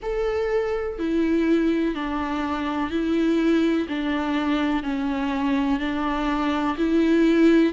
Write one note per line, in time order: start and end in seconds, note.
0.02 0.99 A4
0.99 1.94 E4
1.94 2.90 D4
2.90 3.87 E4
3.88 4.83 D4
4.83 5.79 C#4
5.79 6.76 D4
6.77 7.73 E4